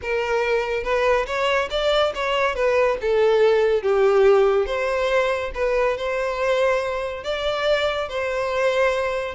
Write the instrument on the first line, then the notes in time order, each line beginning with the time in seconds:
violin
0.02 A#4
0.83 B4
1.26 C#5
1.70 D5
2.15 C#5
2.55 B4
3.01 A4
3.82 G4
4.66 C5
5.54 B4
5.97 C5
7.23 D5
8.09 C5